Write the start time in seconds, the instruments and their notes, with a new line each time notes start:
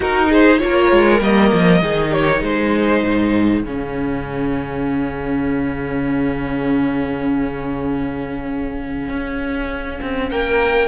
0.00 cello D#4, viola D#4, violin F#4 A#4
0.28 violin G#4 C5
0.58 cello A#3, viola F4, violin A#4 C#5
0.91 cello G#3
1.20 cello G3, viola A#3, violin D#5
1.53 cello F3
1.81 cello D#3, viola D#4, violin G#4
2.10 violin G4 C#5
2.40 cello G#3, violin G#4 C5
3.03 cello G#2
3.64 cello C#3, viola C#4, violin F5
9.08 cello C#4
10.01 cello C4
10.30 cello A#3, violin A#4 G5